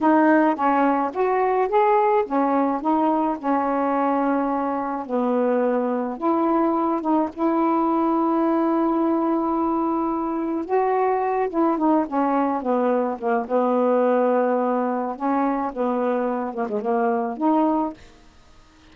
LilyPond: \new Staff \with { instrumentName = "saxophone" } { \time 4/4 \tempo 4 = 107 dis'4 cis'4 fis'4 gis'4 | cis'4 dis'4 cis'2~ | cis'4 b2 e'4~ | e'8 dis'8 e'2.~ |
e'2. fis'4~ | fis'8 e'8 dis'8 cis'4 b4 ais8 | b2. cis'4 | b4. ais16 gis16 ais4 dis'4 | }